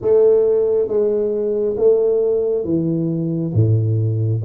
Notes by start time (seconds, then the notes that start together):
0.01 A3
0.87 G#3
1.76 A3
2.64 E3
3.53 A2